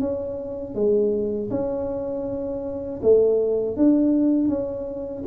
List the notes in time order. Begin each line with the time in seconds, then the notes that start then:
0.00 C#4
0.75 G#3
1.50 C#4
3.02 A3
3.76 D4
4.48 C#4